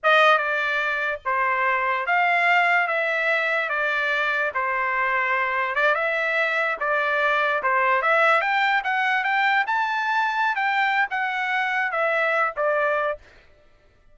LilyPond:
\new Staff \with { instrumentName = "trumpet" } { \time 4/4 \tempo 4 = 146 dis''4 d''2 c''4~ | c''4 f''2 e''4~ | e''4 d''2 c''4~ | c''2 d''8 e''4.~ |
e''8 d''2 c''4 e''8~ | e''8 g''4 fis''4 g''4 a''8~ | a''4.~ a''16 g''4~ g''16 fis''4~ | fis''4 e''4. d''4. | }